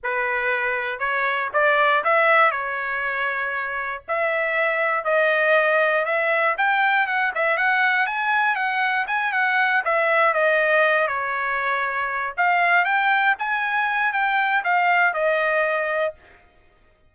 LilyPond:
\new Staff \with { instrumentName = "trumpet" } { \time 4/4 \tempo 4 = 119 b'2 cis''4 d''4 | e''4 cis''2. | e''2 dis''2 | e''4 g''4 fis''8 e''8 fis''4 |
gis''4 fis''4 gis''8 fis''4 e''8~ | e''8 dis''4. cis''2~ | cis''8 f''4 g''4 gis''4. | g''4 f''4 dis''2 | }